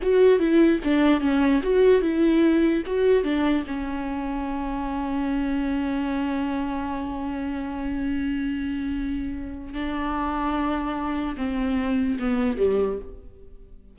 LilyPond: \new Staff \with { instrumentName = "viola" } { \time 4/4 \tempo 4 = 148 fis'4 e'4 d'4 cis'4 | fis'4 e'2 fis'4 | d'4 cis'2.~ | cis'1~ |
cis'1~ | cis'1 | d'1 | c'2 b4 g4 | }